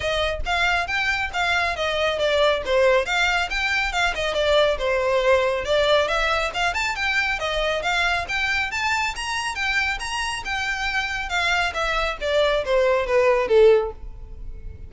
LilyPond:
\new Staff \with { instrumentName = "violin" } { \time 4/4 \tempo 4 = 138 dis''4 f''4 g''4 f''4 | dis''4 d''4 c''4 f''4 | g''4 f''8 dis''8 d''4 c''4~ | c''4 d''4 e''4 f''8 a''8 |
g''4 dis''4 f''4 g''4 | a''4 ais''4 g''4 ais''4 | g''2 f''4 e''4 | d''4 c''4 b'4 a'4 | }